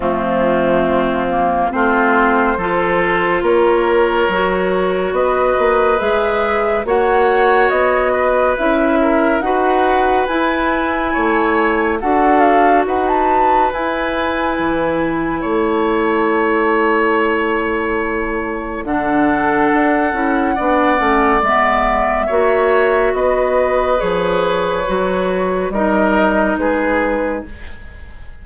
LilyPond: <<
  \new Staff \with { instrumentName = "flute" } { \time 4/4 \tempo 4 = 70 f'2 c''2 | cis''2 dis''4 e''4 | fis''4 dis''4 e''4 fis''4 | gis''2 fis''8 f''8 fis''16 a''8. |
gis''2 a''2~ | a''2 fis''2~ | fis''4 e''2 dis''4 | cis''2 dis''4 b'4 | }
  \new Staff \with { instrumentName = "oboe" } { \time 4/4 c'2 f'4 a'4 | ais'2 b'2 | cis''4. b'4 ais'8 b'4~ | b'4 cis''4 a'4 b'4~ |
b'2 cis''2~ | cis''2 a'2 | d''2 cis''4 b'4~ | b'2 ais'4 gis'4 | }
  \new Staff \with { instrumentName = "clarinet" } { \time 4/4 a4. ais8 c'4 f'4~ | f'4 fis'2 gis'4 | fis'2 e'4 fis'4 | e'2 fis'2 |
e'1~ | e'2 d'4. e'8 | d'8 cis'8 b4 fis'2 | gis'4 fis'4 dis'2 | }
  \new Staff \with { instrumentName = "bassoon" } { \time 4/4 f2 a4 f4 | ais4 fis4 b8 ais8 gis4 | ais4 b4 cis'4 dis'4 | e'4 a4 d'4 dis'4 |
e'4 e4 a2~ | a2 d4 d'8 cis'8 | b8 a8 gis4 ais4 b4 | f4 fis4 g4 gis4 | }
>>